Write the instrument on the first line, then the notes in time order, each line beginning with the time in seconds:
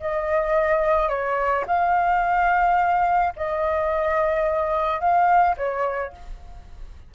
flute
0.00 D#5
1.09 C#5
1.66 F5
3.36 D#5
5.00 F5
5.57 C#5